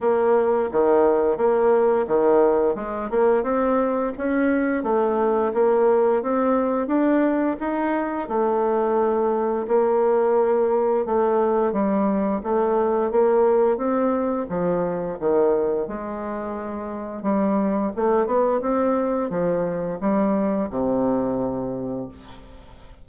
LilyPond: \new Staff \with { instrumentName = "bassoon" } { \time 4/4 \tempo 4 = 87 ais4 dis4 ais4 dis4 | gis8 ais8 c'4 cis'4 a4 | ais4 c'4 d'4 dis'4 | a2 ais2 |
a4 g4 a4 ais4 | c'4 f4 dis4 gis4~ | gis4 g4 a8 b8 c'4 | f4 g4 c2 | }